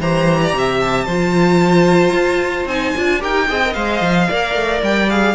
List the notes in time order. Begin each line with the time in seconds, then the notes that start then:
0.00 E3 G4 C5 A#5
0.42 D5
0.53 C3 E5
0.80 A5
1.05 F3 F4 C5
2.12 F4
2.66 C4 D#4 G#5
2.97 D4 F4
3.20 D#4 G4 A#4 G5
3.48 C4 G#4 D#5
3.65 A#4
3.74 G#3 C5 F5
4.01 F3
4.29 A#3 A#4 D5
4.55 A3
4.82 G3 G5
5.10 G#4 F5